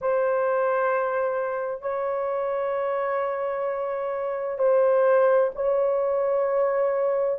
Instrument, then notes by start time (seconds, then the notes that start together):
horn
0.01 C5
1.81 C#5
4.58 C5
5.55 C#5